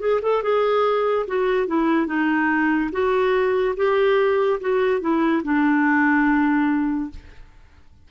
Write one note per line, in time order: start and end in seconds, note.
0.00 0.21 G#4
0.22 0.43 A4
0.43 1.27 G#4
1.28 1.67 F#4
1.67 2.07 E4
2.07 2.91 D#4
2.92 3.76 F#4
3.77 4.60 G4
4.61 5.01 F#4
5.01 5.43 E4
5.44 7.11 D4